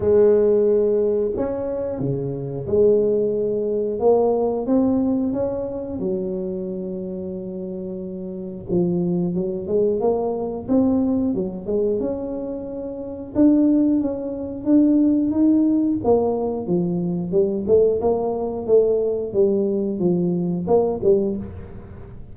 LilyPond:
\new Staff \with { instrumentName = "tuba" } { \time 4/4 \tempo 4 = 90 gis2 cis'4 cis4 | gis2 ais4 c'4 | cis'4 fis2.~ | fis4 f4 fis8 gis8 ais4 |
c'4 fis8 gis8 cis'2 | d'4 cis'4 d'4 dis'4 | ais4 f4 g8 a8 ais4 | a4 g4 f4 ais8 g8 | }